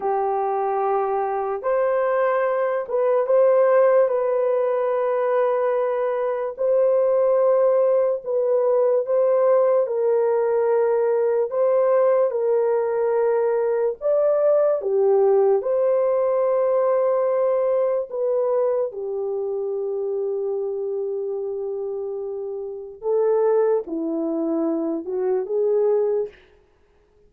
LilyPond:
\new Staff \with { instrumentName = "horn" } { \time 4/4 \tempo 4 = 73 g'2 c''4. b'8 | c''4 b'2. | c''2 b'4 c''4 | ais'2 c''4 ais'4~ |
ais'4 d''4 g'4 c''4~ | c''2 b'4 g'4~ | g'1 | a'4 e'4. fis'8 gis'4 | }